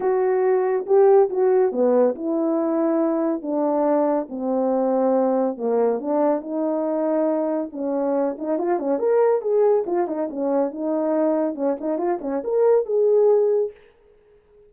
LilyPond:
\new Staff \with { instrumentName = "horn" } { \time 4/4 \tempo 4 = 140 fis'2 g'4 fis'4 | b4 e'2. | d'2 c'2~ | c'4 ais4 d'4 dis'4~ |
dis'2 cis'4. dis'8 | f'8 cis'8 ais'4 gis'4 f'8 dis'8 | cis'4 dis'2 cis'8 dis'8 | f'8 cis'8 ais'4 gis'2 | }